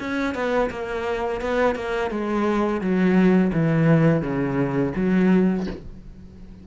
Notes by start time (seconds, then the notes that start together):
0.00 C#4
0.35 B3
0.71 A#3
1.41 B3
1.76 A#3
2.11 G#3
2.81 F#3
3.53 E3
4.22 C#3
4.96 F#3